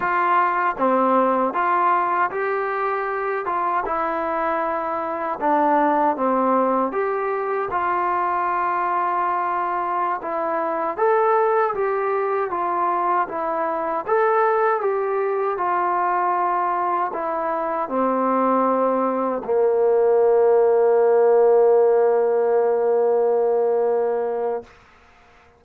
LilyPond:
\new Staff \with { instrumentName = "trombone" } { \time 4/4 \tempo 4 = 78 f'4 c'4 f'4 g'4~ | g'8 f'8 e'2 d'4 | c'4 g'4 f'2~ | f'4~ f'16 e'4 a'4 g'8.~ |
g'16 f'4 e'4 a'4 g'8.~ | g'16 f'2 e'4 c'8.~ | c'4~ c'16 ais2~ ais8.~ | ais1 | }